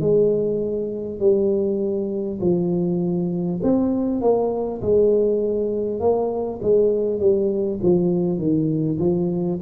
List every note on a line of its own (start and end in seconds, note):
0.00 1.19 G#3
1.19 2.39 G3
2.41 3.61 F3
3.62 4.21 C4
4.21 4.81 A#3
4.81 5.99 G#3
5.99 6.59 A#3
6.62 7.19 G#3
7.19 7.79 G3
7.82 8.38 F3
8.38 8.98 D#3
8.99 9.59 F3